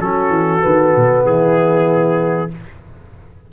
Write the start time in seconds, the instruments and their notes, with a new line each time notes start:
0.00 tuba F#3, trombone C#4, horn F#4, trumpet A4
0.29 tuba E3
0.60 tuba D#3, trombone B3
0.95 tuba B2
1.24 tuba E3, horn E4, trumpet G#4